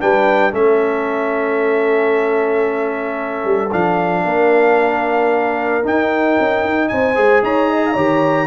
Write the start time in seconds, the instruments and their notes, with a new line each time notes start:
0.00 tuba G3, trombone D4, horn B4, trumpet G5
0.51 tuba A3, trombone C#4, horn A4, trumpet E5
3.44 tuba G3
3.71 tuba F3, trombone D4, trumpet F5
4.24 tuba A#3, horn A#4
5.83 trombone D#4, tuba D#4, trumpet G5
6.39 tuba C#4
6.64 tuba D#4
6.88 tuba C4, horn C5, trumpet G#5
7.15 tuba G#3, trombone G#4
7.42 tuba D#4, horn C#5, trumpet A#5
7.70 horn D#5
7.86 horn F5
7.93 tuba D#3, trombone G4, horn C#5